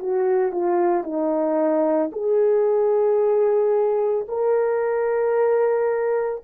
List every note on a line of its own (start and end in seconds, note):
0.00 0.53 F#4
0.53 1.04 F4
1.04 2.11 D#4
2.12 4.27 G#4
4.29 6.43 A#4